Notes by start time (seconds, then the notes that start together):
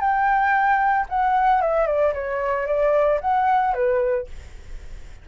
0.00 G5
1.09 F#5
1.61 E5
1.86 D5
2.13 C#5
2.66 D5
3.21 F#5
3.74 B4